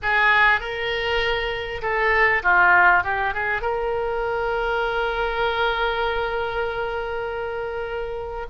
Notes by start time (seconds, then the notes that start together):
0.02 G#4
0.60 A#4
1.82 A4
2.42 F4
3.03 G4
3.34 G#4
3.61 A#4